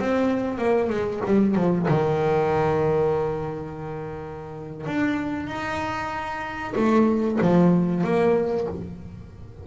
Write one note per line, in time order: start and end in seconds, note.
0.00 0.59 C4
0.59 0.90 A#3
0.90 1.22 G#3
1.27 1.56 G3
1.56 1.87 F3
1.88 4.87 D#3
4.87 5.47 D4
5.47 6.74 D#4
6.76 7.39 A3
7.42 8.04 F3
8.04 8.68 A#3